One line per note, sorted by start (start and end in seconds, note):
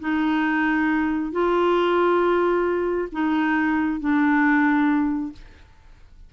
0.00 1.32 D#4
1.32 3.08 F4
3.12 4.00 D#4
4.00 5.32 D4